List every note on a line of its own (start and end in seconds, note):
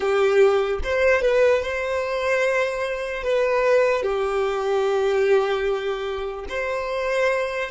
0.00 0.79 G4
0.83 1.21 C5
1.21 1.62 B4
1.62 3.23 C5
3.23 4.02 B4
4.02 6.46 G4
6.49 7.70 C5